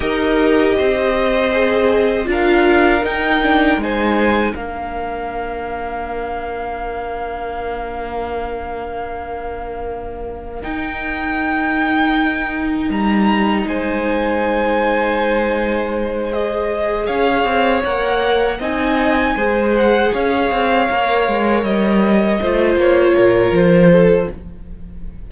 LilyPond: <<
  \new Staff \with { instrumentName = "violin" } { \time 4/4 \tempo 4 = 79 dis''2. f''4 | g''4 gis''4 f''2~ | f''1~ | f''2 g''2~ |
g''4 ais''4 gis''2~ | gis''4. dis''4 f''4 fis''8~ | fis''8 gis''4. fis''8 f''4.~ | f''8 dis''4. cis''4 c''4 | }
  \new Staff \with { instrumentName = "violin" } { \time 4/4 ais'4 c''2 ais'4~ | ais'4 c''4 ais'2~ | ais'1~ | ais'1~ |
ais'2 c''2~ | c''2~ c''8 cis''4.~ | cis''8 dis''4 c''4 cis''4.~ | cis''4. c''4 ais'4 a'8 | }
  \new Staff \with { instrumentName = "viola" } { \time 4/4 g'2 gis'4 f'4 | dis'8 d'8 dis'4 d'2~ | d'1~ | d'2 dis'2~ |
dis'1~ | dis'4. gis'2 ais'8~ | ais'8 dis'4 gis'2 ais'8~ | ais'4. f'2~ f'8 | }
  \new Staff \with { instrumentName = "cello" } { \time 4/4 dis'4 c'2 d'4 | dis'4 gis4 ais2~ | ais1~ | ais2 dis'2~ |
dis'4 g4 gis2~ | gis2~ gis8 cis'8 c'8 ais8~ | ais8 c'4 gis4 cis'8 c'8 ais8 | gis8 g4 a8 ais8 ais,8 f4 | }
>>